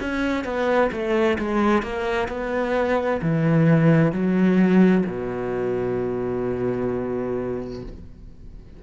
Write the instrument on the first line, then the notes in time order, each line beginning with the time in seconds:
cello
0.00 C#4
0.44 B3
0.91 A3
1.38 G#3
1.82 A#3
2.28 B3
3.21 E3
4.12 F#3
5.06 B2